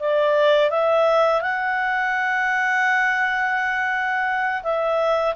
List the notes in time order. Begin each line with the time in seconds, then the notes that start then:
0.00 D5
0.70 E5
1.42 F#5
4.63 E5